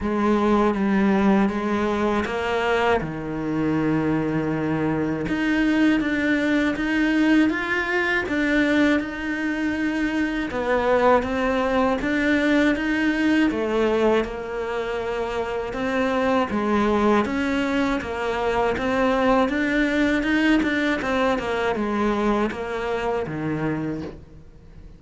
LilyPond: \new Staff \with { instrumentName = "cello" } { \time 4/4 \tempo 4 = 80 gis4 g4 gis4 ais4 | dis2. dis'4 | d'4 dis'4 f'4 d'4 | dis'2 b4 c'4 |
d'4 dis'4 a4 ais4~ | ais4 c'4 gis4 cis'4 | ais4 c'4 d'4 dis'8 d'8 | c'8 ais8 gis4 ais4 dis4 | }